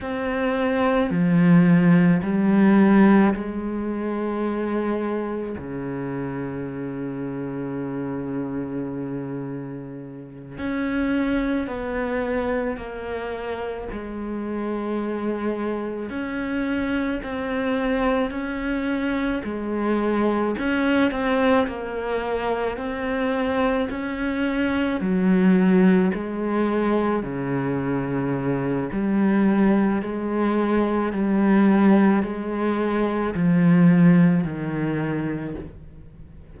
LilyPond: \new Staff \with { instrumentName = "cello" } { \time 4/4 \tempo 4 = 54 c'4 f4 g4 gis4~ | gis4 cis2.~ | cis4. cis'4 b4 ais8~ | ais8 gis2 cis'4 c'8~ |
c'8 cis'4 gis4 cis'8 c'8 ais8~ | ais8 c'4 cis'4 fis4 gis8~ | gis8 cis4. g4 gis4 | g4 gis4 f4 dis4 | }